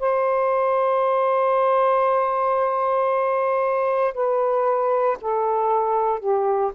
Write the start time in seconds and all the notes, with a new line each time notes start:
0.00 C5
4.14 B4
5.21 A4
6.20 G4